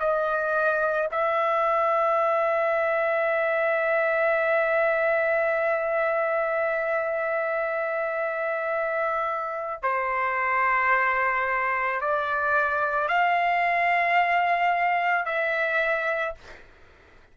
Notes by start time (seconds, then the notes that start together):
0.00 D#5
1.12 E5
9.83 C5
12.01 D5
13.08 F5
15.25 E5